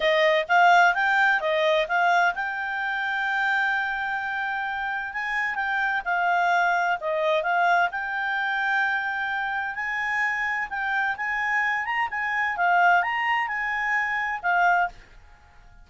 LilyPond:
\new Staff \with { instrumentName = "clarinet" } { \time 4/4 \tempo 4 = 129 dis''4 f''4 g''4 dis''4 | f''4 g''2.~ | g''2. gis''4 | g''4 f''2 dis''4 |
f''4 g''2.~ | g''4 gis''2 g''4 | gis''4. ais''8 gis''4 f''4 | ais''4 gis''2 f''4 | }